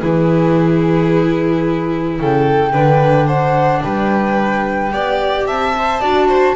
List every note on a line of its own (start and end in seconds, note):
0.00 2.19 E3
0.00 2.72 E4
0.00 2.18 G#4
0.00 2.19 B4
2.19 2.73 C#3
2.19 2.72 A4
2.19 3.28 G5
2.72 3.82 D3
2.72 4.90 D4
2.72 3.26 B4
3.26 3.81 C5
3.26 3.82 F#5
3.83 4.92 G3
3.83 4.92 B4
3.83 5.46 G5
4.91 5.46 B3
4.91 5.73 G4
4.91 5.46 D5
5.46 6.01 C4
5.46 6.00 E5
5.46 6.55 A5
5.78 6.01 C5
6.00 6.55 D4
6.00 6.55 F#4
6.00 6.27 D5
6.27 6.55 C5